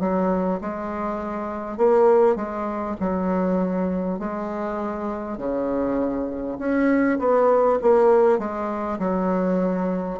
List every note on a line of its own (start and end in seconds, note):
0.00 0.60 F#3
0.61 1.77 G#3
1.77 2.36 A#3
2.36 2.96 G#3
3.00 4.19 F#3
4.19 5.38 G#3
5.38 6.58 C#3
6.58 7.18 C#4
7.19 7.79 B3
7.82 8.39 A#3
8.39 8.99 G#3
8.99 10.19 F#3